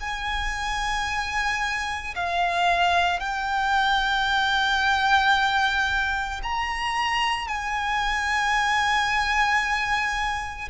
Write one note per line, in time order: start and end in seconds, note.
0.00 2.14 G#5
2.15 3.19 F5
3.19 6.40 G5
6.43 7.48 A#5
7.48 10.69 G#5